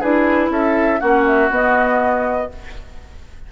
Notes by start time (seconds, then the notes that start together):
0.00 D4 E4 G#4 B4
0.49 C#4 A4 E5
1.00 A#3 C#4 F#4 F#5
1.26 E5
1.50 B3 D#5